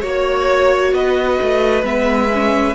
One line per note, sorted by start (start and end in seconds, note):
0.00 0.93 A#3
0.00 1.83 F#4
0.00 0.91 C#5
0.07 0.94 C#5
0.93 1.38 B3
0.93 2.74 B4
0.93 1.85 D#5
1.41 1.83 A3
1.83 2.73 G#3
1.83 2.29 B3
1.83 2.74 E5
2.33 2.74 C#4